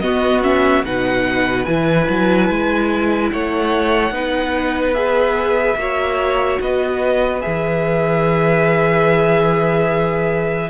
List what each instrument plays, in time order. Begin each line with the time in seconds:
0.00 cello B3, viola B3, violin F#4 D#5
0.43 viola C#4, violin E5
0.84 cello B2, viola D#4, violin B4 F#5
1.65 cello E3, viola E4, violin G#5
2.09 cello F#3
2.49 cello G#3
3.32 cello A3, violin C#5 F#5
4.10 cello B3, viola D#4, violin B4
4.94 viola G#4, violin E5
5.75 cello A#3, viola F#4, violin C#5
6.61 cello B3, violin B4 D#5
7.40 viola G#4, violin E5
7.47 cello E3